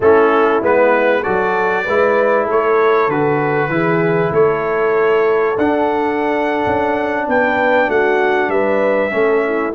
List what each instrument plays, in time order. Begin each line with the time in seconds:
0.00 tuba A3, trombone C#4, horn E4, trumpet A4
0.62 tuba G#3, trombone B3, trumpet B4
1.22 tuba F#3, trombone F#4, horn A4, trumpet D5
1.84 tuba G#3, trombone E4, horn B4
2.45 tuba A3, horn A4, trumpet C#5
3.07 tuba D3, trombone F#4, trumpet B4
3.68 tuba E3, trombone E4, horn G#4
4.31 tuba A3, horn A4, trumpet C#5
5.57 tuba D4, trombone D4, trumpet F#5
6.66 tuba C#4
7.27 tuba B3, horn B4, trumpet G5
7.88 tuba A3, horn F#4, trumpet F#5
8.48 tuba G3, horn B4, trumpet E5
9.10 tuba A3, trombone C#4, horn A4
9.45 horn E4